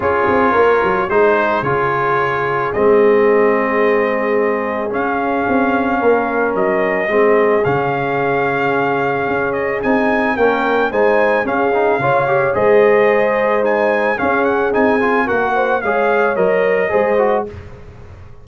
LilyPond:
<<
  \new Staff \with { instrumentName = "trumpet" } { \time 4/4 \tempo 4 = 110 cis''2 c''4 cis''4~ | cis''4 dis''2.~ | dis''4 f''2. | dis''2 f''2~ |
f''4. dis''8 gis''4 g''4 | gis''4 f''2 dis''4~ | dis''4 gis''4 f''8 fis''8 gis''4 | fis''4 f''4 dis''2 | }
  \new Staff \with { instrumentName = "horn" } { \time 4/4 gis'4 ais'4 gis'2~ | gis'1~ | gis'2. ais'4~ | ais'4 gis'2.~ |
gis'2. ais'4 | c''4 gis'4 cis''4 c''4~ | c''2 gis'2 | ais'8 c''8 cis''2 c''4 | }
  \new Staff \with { instrumentName = "trombone" } { \time 4/4 f'2 dis'4 f'4~ | f'4 c'2.~ | c'4 cis'2.~ | cis'4 c'4 cis'2~ |
cis'2 dis'4 cis'4 | dis'4 cis'8 dis'8 f'8 g'8 gis'4~ | gis'4 dis'4 cis'4 dis'8 f'8 | fis'4 gis'4 ais'4 gis'8 fis'8 | }
  \new Staff \with { instrumentName = "tuba" } { \time 4/4 cis'8 c'8 ais8 fis8 gis4 cis4~ | cis4 gis2.~ | gis4 cis'4 c'4 ais4 | fis4 gis4 cis2~ |
cis4 cis'4 c'4 ais4 | gis4 cis'4 cis4 gis4~ | gis2 cis'4 c'4 | ais4 gis4 fis4 gis4 | }
>>